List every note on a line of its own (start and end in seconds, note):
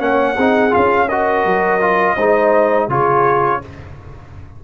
0.00 0.37 A#3
0.00 0.36 C#4
0.00 0.36 C#5
0.00 0.74 F#5
0.36 0.74 C4
0.36 0.71 D#4
0.36 1.08 G#4
0.71 1.45 C#4
0.71 1.07 F4
0.71 1.09 F5
1.09 1.81 F#4
1.09 2.17 A#4
1.09 2.90 D#5
1.45 2.17 F#3
1.81 2.17 F4
2.17 2.88 G#3
2.17 2.90 D#4
2.17 2.89 C5
2.88 3.61 C#3
2.88 3.62 F4
2.88 3.62 G#4
2.88 3.64 C#5